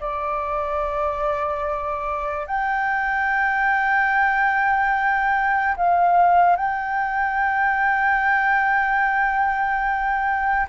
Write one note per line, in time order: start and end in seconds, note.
0.00 2.47 D5
2.47 5.75 G5
5.76 6.56 F5
6.56 10.67 G5